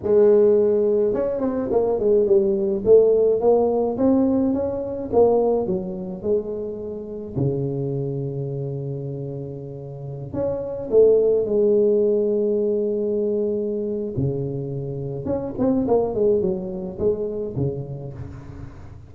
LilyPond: \new Staff \with { instrumentName = "tuba" } { \time 4/4 \tempo 4 = 106 gis2 cis'8 c'8 ais8 gis8 | g4 a4 ais4 c'4 | cis'4 ais4 fis4 gis4~ | gis4 cis2.~ |
cis2~ cis16 cis'4 a8.~ | a16 gis2.~ gis8.~ | gis4 cis2 cis'8 c'8 | ais8 gis8 fis4 gis4 cis4 | }